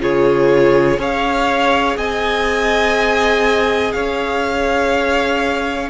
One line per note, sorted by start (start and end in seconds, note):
0.00 0.98 C#3
0.00 0.97 F4
0.00 0.99 G#4
0.00 1.01 C#5
0.97 1.96 C#4
0.97 5.89 G#4
0.97 1.97 C#5
0.97 1.97 F5
1.97 3.93 C4
1.97 3.93 D#5
1.97 3.92 G#5
3.92 5.90 C#4
3.92 5.90 C#5
3.92 5.89 F5